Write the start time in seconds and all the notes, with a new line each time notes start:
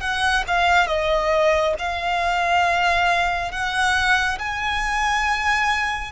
0.00 F#5
0.47 F5
0.87 D#5
1.78 F5
3.51 F#5
4.39 G#5